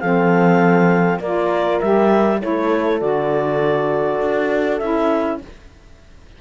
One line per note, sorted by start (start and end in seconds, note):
0.00 1.20 F3
0.00 1.22 C4
0.00 1.20 A4
0.00 1.20 F5
1.20 1.79 A#3
1.20 1.82 F4
1.20 2.40 A#4
1.20 1.80 D5
1.80 2.43 G3
1.80 2.40 G4
1.80 2.40 E5
2.40 3.02 A3
2.40 3.00 E4
2.40 5.41 A4
2.40 3.00 C#5
3.00 4.21 D3
3.00 4.80 F#4
3.00 4.78 D5
4.21 4.81 D4
4.78 5.41 C#4
4.78 5.42 E4
4.78 5.38 E5